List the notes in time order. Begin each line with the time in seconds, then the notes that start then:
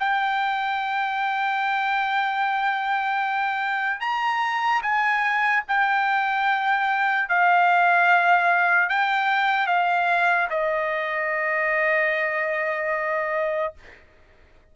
0.00 G5
4.01 A#5
4.83 G#5
5.68 G5
7.29 F5
8.90 G5
9.67 F5
10.50 D#5